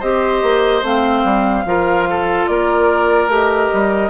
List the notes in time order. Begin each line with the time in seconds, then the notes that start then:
0.00 C4 G4 C5 D#5
0.43 A#3
0.83 A3 C4 F5
1.24 G3
1.65 F3 F4 A#4
2.10 A4
2.47 A#3 A#4 D5
3.28 A3 G4 D#5
3.74 G3